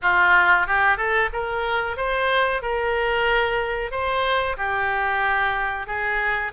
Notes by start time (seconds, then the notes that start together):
0.02 F4
0.66 G4
0.97 A4
1.32 A#4
1.96 C5
2.61 A#4
3.91 C5
4.57 G4
5.86 G#4